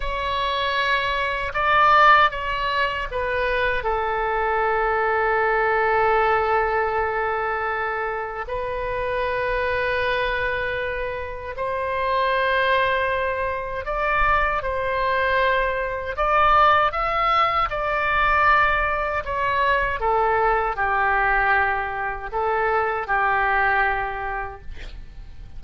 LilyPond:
\new Staff \with { instrumentName = "oboe" } { \time 4/4 \tempo 4 = 78 cis''2 d''4 cis''4 | b'4 a'2.~ | a'2. b'4~ | b'2. c''4~ |
c''2 d''4 c''4~ | c''4 d''4 e''4 d''4~ | d''4 cis''4 a'4 g'4~ | g'4 a'4 g'2 | }